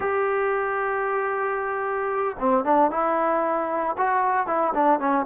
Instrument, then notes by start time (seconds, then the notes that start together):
trombone
0.00 G4
2.39 C4
2.64 D4
2.90 E4
3.97 F#4
4.46 E4
4.74 D4
4.99 C#4